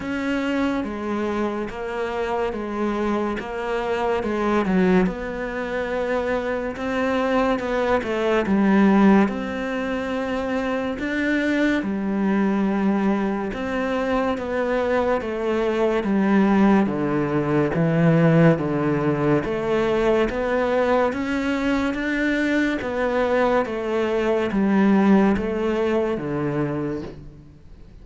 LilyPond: \new Staff \with { instrumentName = "cello" } { \time 4/4 \tempo 4 = 71 cis'4 gis4 ais4 gis4 | ais4 gis8 fis8 b2 | c'4 b8 a8 g4 c'4~ | c'4 d'4 g2 |
c'4 b4 a4 g4 | d4 e4 d4 a4 | b4 cis'4 d'4 b4 | a4 g4 a4 d4 | }